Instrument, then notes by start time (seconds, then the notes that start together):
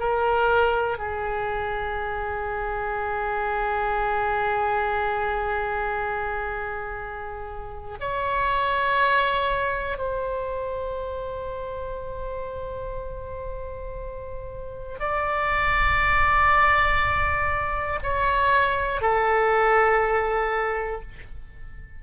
oboe
0.00 A#4
0.98 G#4
8.00 C#5
9.99 C5
15.00 D5
18.03 C#5
19.01 A4